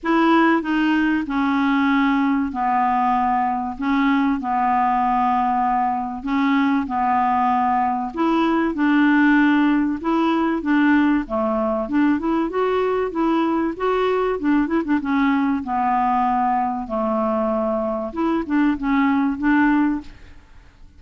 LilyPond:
\new Staff \with { instrumentName = "clarinet" } { \time 4/4 \tempo 4 = 96 e'4 dis'4 cis'2 | b2 cis'4 b4~ | b2 cis'4 b4~ | b4 e'4 d'2 |
e'4 d'4 a4 d'8 e'8 | fis'4 e'4 fis'4 d'8 e'16 d'16 | cis'4 b2 a4~ | a4 e'8 d'8 cis'4 d'4 | }